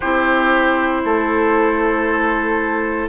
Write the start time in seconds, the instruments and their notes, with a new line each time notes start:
0.00 bassoon C4, clarinet E4, oboe G4, flute C5
1.04 bassoon A3, oboe A4